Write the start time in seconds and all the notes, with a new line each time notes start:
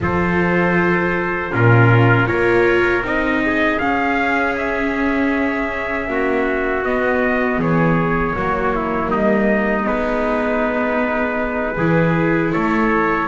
0.00 F3 F4 A4 C5
1.50 A#2 C#4 F4 A#4
2.26 A#3 F4 A#4 C#5
3.02 C4 D#4 D#5
3.45 G#4
3.78 C#4 F5
4.57 E5
6.07 A#3 F#4
6.83 B3 D#5
7.58 E3 G#4 C#5
8.35 F#3 A#3 F#4
8.75 E4
9.10 G3 D#4 D#5
9.85 G#3 B3 B4
11.76 E3 E4 G#4
12.52 A3 A4 C#5